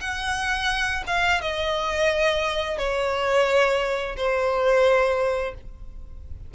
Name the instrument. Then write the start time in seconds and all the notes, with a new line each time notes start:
violin
0.00 F#5
1.06 F5
1.41 D#5
2.78 C#5
4.16 C5